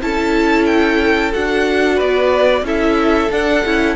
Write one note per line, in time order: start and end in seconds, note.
0.00 1.33 C#4
0.00 1.32 E4
0.00 1.95 A4
0.00 0.65 A5
0.65 1.31 G5
1.32 2.00 D4
1.32 2.64 F#4
1.32 1.99 F#5
1.95 2.62 B3
1.95 2.61 B4
1.95 2.65 D5
2.62 3.28 C#4
2.62 3.30 E4
2.62 3.96 A4
2.62 3.31 E5
3.31 3.64 D4
3.31 3.96 F#5
3.64 3.96 C#4
3.64 3.96 E4